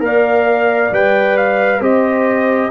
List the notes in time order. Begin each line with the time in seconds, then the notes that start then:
0.00 A#3 A#4 D5 F5
0.91 G3 B4 G5
1.38 F5
1.81 C4 G4 C5 D#5